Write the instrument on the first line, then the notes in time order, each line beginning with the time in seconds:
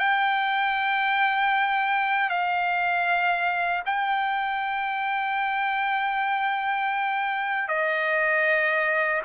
trumpet
0.00 G5
2.30 F5
3.86 G5
7.69 D#5